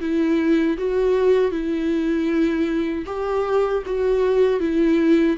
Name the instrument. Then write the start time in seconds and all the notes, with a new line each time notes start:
viola
0.00 E4
0.77 F#4
1.51 E4
3.06 G4
3.86 F#4
4.59 E4